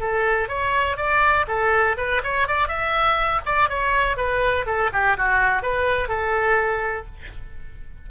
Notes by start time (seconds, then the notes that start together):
0.00 A4
0.49 C#5
0.97 D5
1.47 A4
1.97 B4
2.24 C#5
2.48 D5
2.68 E5
3.45 D5
3.69 C#5
4.17 B4
4.66 A4
4.92 G4
5.17 F#4
5.62 B4
6.08 A4